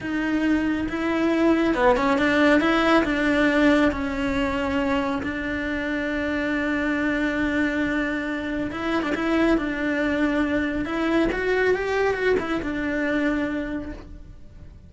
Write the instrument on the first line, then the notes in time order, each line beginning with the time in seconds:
cello
0.00 D#4
0.88 E4
1.75 B3
1.96 C#4
2.17 D4
2.60 E4
3.04 D4
3.91 C#4
5.23 D4
8.71 E4
9.02 D4
9.15 E4
9.57 D4
10.85 E4
11.32 F#4
11.74 G4
12.14 F#4
12.39 E4
12.61 D4